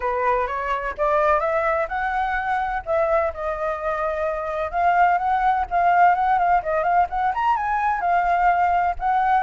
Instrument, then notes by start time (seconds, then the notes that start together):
flute
0.00 B4
0.47 C#5
0.97 D5
1.40 E5
1.88 F#5
2.85 E5
3.33 D#5
4.71 F5
5.18 F#5
5.70 F5
6.14 F#5
6.38 F5
6.62 D#5
6.83 F5
7.09 F#5
7.34 A#5
7.56 G#5
8.01 F5
8.99 F#5